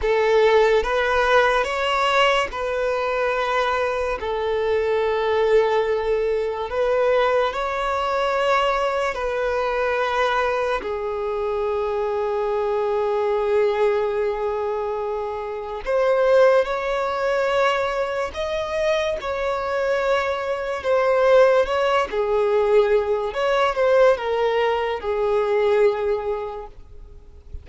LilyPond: \new Staff \with { instrumentName = "violin" } { \time 4/4 \tempo 4 = 72 a'4 b'4 cis''4 b'4~ | b'4 a'2. | b'4 cis''2 b'4~ | b'4 gis'2.~ |
gis'2. c''4 | cis''2 dis''4 cis''4~ | cis''4 c''4 cis''8 gis'4. | cis''8 c''8 ais'4 gis'2 | }